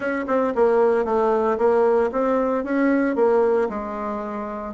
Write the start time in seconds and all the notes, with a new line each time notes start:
0.00 C#4
0.27 C4
0.55 A#3
1.04 A3
1.58 A#3
2.12 C4
2.63 C#4
3.15 A#3
3.69 G#3